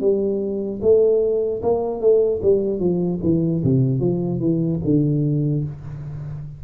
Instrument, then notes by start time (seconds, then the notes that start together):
tuba
0.00 G3
0.82 A3
1.62 A#3
2.01 A3
2.42 G3
2.79 F3
3.23 E3
3.63 C3
4.00 F3
4.40 E3
4.84 D3